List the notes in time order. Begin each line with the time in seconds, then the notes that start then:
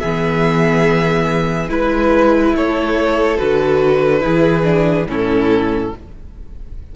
0.00 E3 B3 G#4 E5
1.69 G#3 E4 B4
2.53 A3 A4 C#5
3.38 D3 F#4 B4
4.21 E3 E4 G#4
4.64 D4
5.06 A2 C#4 E4 A4